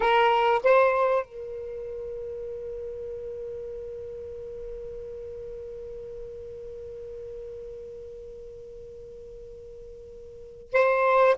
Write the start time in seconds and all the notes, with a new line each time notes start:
0.00 A#4
0.63 C5
1.25 A#4
10.73 C5